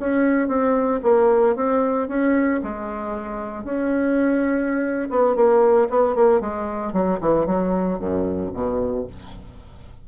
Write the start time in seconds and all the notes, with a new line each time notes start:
0.00 C#4
0.48 C4
1.03 A#3
1.56 C4
2.09 C#4
2.64 G#3
3.64 C#4
5.11 B3
5.36 A#3
5.90 B3
6.16 A#3
6.41 G#3
6.93 F#3
7.21 E3
7.46 F#3
7.99 F#2
8.54 B2